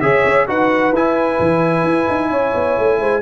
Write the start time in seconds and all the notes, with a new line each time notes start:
0.00 C#3 G#4 C#5 E5
0.25 C#4
0.47 D#4 F#4 B4 F#5
0.92 E4 G#5
1.39 E3
1.84 E4
2.08 D#4
2.30 C#4 C#5
2.54 B3
2.78 A3
2.99 G#3 C5